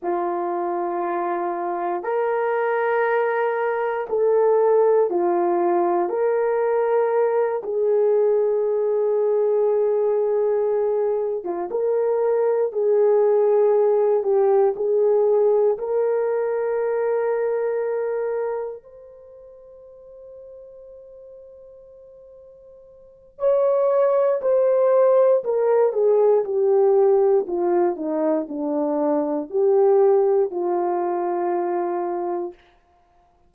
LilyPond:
\new Staff \with { instrumentName = "horn" } { \time 4/4 \tempo 4 = 59 f'2 ais'2 | a'4 f'4 ais'4. gis'8~ | gis'2.~ gis'16 f'16 ais'8~ | ais'8 gis'4. g'8 gis'4 ais'8~ |
ais'2~ ais'8 c''4.~ | c''2. cis''4 | c''4 ais'8 gis'8 g'4 f'8 dis'8 | d'4 g'4 f'2 | }